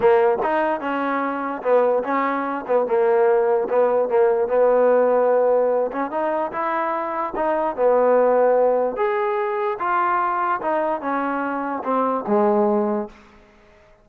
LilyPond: \new Staff \with { instrumentName = "trombone" } { \time 4/4 \tempo 4 = 147 ais4 dis'4 cis'2 | b4 cis'4. b8 ais4~ | ais4 b4 ais4 b4~ | b2~ b8 cis'8 dis'4 |
e'2 dis'4 b4~ | b2 gis'2 | f'2 dis'4 cis'4~ | cis'4 c'4 gis2 | }